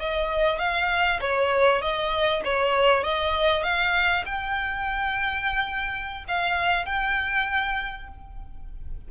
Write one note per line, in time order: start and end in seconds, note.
0.00 0.59 D#5
0.59 1.20 F5
1.21 1.82 C#5
1.82 2.43 D#5
2.45 3.04 C#5
3.04 3.63 D#5
3.63 4.24 F5
4.26 6.25 G5
6.28 6.86 F5
6.86 8.08 G5